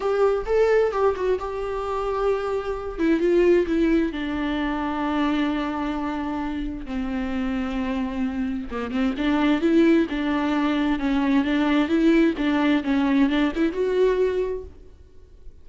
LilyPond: \new Staff \with { instrumentName = "viola" } { \time 4/4 \tempo 4 = 131 g'4 a'4 g'8 fis'8 g'4~ | g'2~ g'8 e'8 f'4 | e'4 d'2.~ | d'2. c'4~ |
c'2. ais8 c'8 | d'4 e'4 d'2 | cis'4 d'4 e'4 d'4 | cis'4 d'8 e'8 fis'2 | }